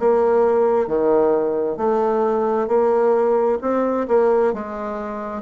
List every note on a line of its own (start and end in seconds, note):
0.00 0.88 A#3
0.88 1.77 D#3
1.77 2.68 A3
2.68 3.59 A#3
3.62 4.07 C4
4.08 4.54 A#3
4.54 5.43 G#3